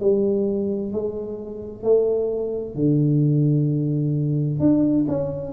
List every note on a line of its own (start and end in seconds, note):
0.00 0.92 G3
0.92 1.83 G#3
1.83 2.75 A3
2.75 4.59 D3
4.59 5.06 D4
5.08 5.52 C#4